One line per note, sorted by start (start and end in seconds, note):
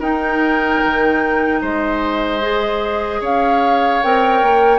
0.00 0.80 D#4
0.00 2.42 D#4
0.00 1.60 A#4
0.00 1.62 G5
0.85 1.62 D#3
1.62 3.21 G#3
1.62 3.21 C5
1.62 3.24 D#5
2.42 4.02 G#4
3.21 4.01 C#4
3.21 4.79 C#5
3.21 4.04 F5
4.04 4.43 C4
4.04 4.79 A#4
4.04 4.79 G5
4.43 4.79 A#3